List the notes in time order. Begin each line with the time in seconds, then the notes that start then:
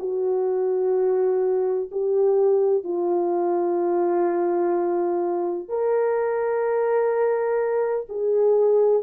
0.00 F#4
1.92 G4
2.84 F4
5.69 A#4
8.10 G#4